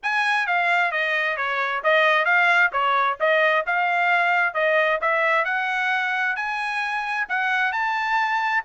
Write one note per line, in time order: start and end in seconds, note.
0.02 0.46 G#5
0.46 0.91 F5
0.91 1.36 D#5
1.36 1.82 C#5
1.83 2.25 D#5
2.25 2.70 F5
2.72 3.17 C#5
3.19 3.65 D#5
3.66 4.54 F5
4.54 4.99 D#5
5.01 5.44 E5
5.44 6.35 F#5
6.35 7.26 G#5
7.29 7.72 F#5
7.72 8.63 A5